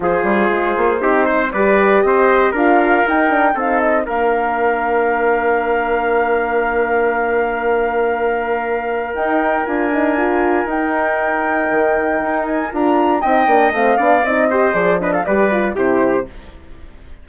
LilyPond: <<
  \new Staff \with { instrumentName = "flute" } { \time 4/4 \tempo 4 = 118 c''2. d''4 | dis''4 f''4 g''4 f''8 dis''8 | f''1~ | f''1~ |
f''2 g''4 gis''4~ | gis''4 g''2.~ | g''8 gis''8 ais''4 g''4 f''4 | dis''4 d''8 dis''16 f''16 d''4 c''4 | }
  \new Staff \with { instrumentName = "trumpet" } { \time 4/4 gis'2 g'8 c''8 b'4 | c''4 ais'2 a'4 | ais'1~ | ais'1~ |
ais'1~ | ais'1~ | ais'2 dis''4. d''8~ | d''8 c''4 b'16 a'16 b'4 g'4 | }
  \new Staff \with { instrumentName = "horn" } { \time 4/4 f'2 dis'4 g'4~ | g'4 f'4 dis'8 d'8 dis'4 | d'1~ | d'1~ |
d'2 dis'4 f'8 dis'8 | f'4 dis'2.~ | dis'4 f'4 dis'8 d'8 c'8 d'8 | dis'8 g'8 gis'8 d'8 g'8 f'8 e'4 | }
  \new Staff \with { instrumentName = "bassoon" } { \time 4/4 f8 g8 gis8 ais8 c'4 g4 | c'4 d'4 dis'4 c'4 | ais1~ | ais1~ |
ais2 dis'4 d'4~ | d'4 dis'2 dis4 | dis'4 d'4 c'8 ais8 a8 b8 | c'4 f4 g4 c4 | }
>>